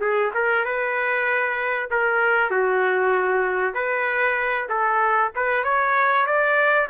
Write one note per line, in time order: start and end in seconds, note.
0.00 0.31 G#4
0.34 0.65 A#4
0.65 1.90 B4
1.90 2.50 A#4
2.50 3.74 F#4
3.74 4.68 B4
4.69 5.32 A4
5.35 5.64 B4
5.64 6.26 C#5
6.26 6.89 D5